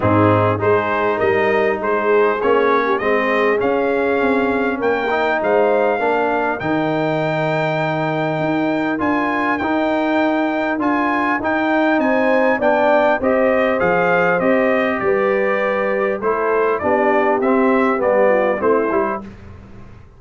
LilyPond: <<
  \new Staff \with { instrumentName = "trumpet" } { \time 4/4 \tempo 4 = 100 gis'4 c''4 dis''4 c''4 | cis''4 dis''4 f''2 | g''4 f''2 g''4~ | g''2. gis''4 |
g''2 gis''4 g''4 | gis''4 g''4 dis''4 f''4 | dis''4 d''2 c''4 | d''4 e''4 d''4 c''4 | }
  \new Staff \with { instrumentName = "horn" } { \time 4/4 dis'4 gis'4 ais'4 gis'4~ | gis'8. g'16 gis'2. | ais'4 c''4 ais'2~ | ais'1~ |
ais'1 | c''4 d''4 c''2~ | c''4 b'2 a'4 | g'2~ g'8 f'8 e'4 | }
  \new Staff \with { instrumentName = "trombone" } { \time 4/4 c'4 dis'2. | cis'4 c'4 cis'2~ | cis'8 dis'4. d'4 dis'4~ | dis'2. f'4 |
dis'2 f'4 dis'4~ | dis'4 d'4 g'4 gis'4 | g'2. e'4 | d'4 c'4 b4 c'8 e'8 | }
  \new Staff \with { instrumentName = "tuba" } { \time 4/4 gis,4 gis4 g4 gis4 | ais4 gis4 cis'4 c'4 | ais4 gis4 ais4 dis4~ | dis2 dis'4 d'4 |
dis'2 d'4 dis'4 | c'4 b4 c'4 f4 | c'4 g2 a4 | b4 c'4 g4 a8 g8 | }
>>